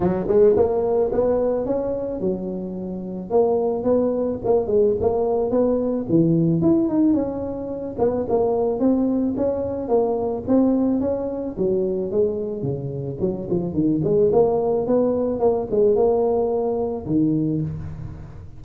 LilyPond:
\new Staff \with { instrumentName = "tuba" } { \time 4/4 \tempo 4 = 109 fis8 gis8 ais4 b4 cis'4 | fis2 ais4 b4 | ais8 gis8 ais4 b4 e4 | e'8 dis'8 cis'4. b8 ais4 |
c'4 cis'4 ais4 c'4 | cis'4 fis4 gis4 cis4 | fis8 f8 dis8 gis8 ais4 b4 | ais8 gis8 ais2 dis4 | }